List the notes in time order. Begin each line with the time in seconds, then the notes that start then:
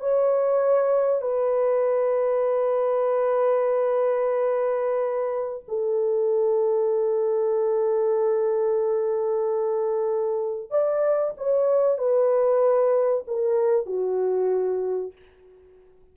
0.00 C#5
1.21 B4
5.68 A4
10.70 D5
11.37 C#5
11.98 B4
13.27 A#4
13.86 F#4